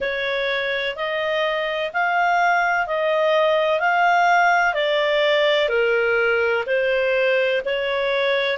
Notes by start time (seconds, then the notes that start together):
0.00 C#5
0.95 D#5
1.93 F5
2.86 D#5
3.80 F5
4.74 D5
5.68 A#4
6.66 C5
7.65 C#5